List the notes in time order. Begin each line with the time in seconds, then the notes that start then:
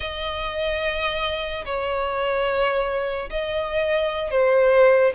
0.00 D#5
1.65 C#5
3.30 D#5
4.30 C5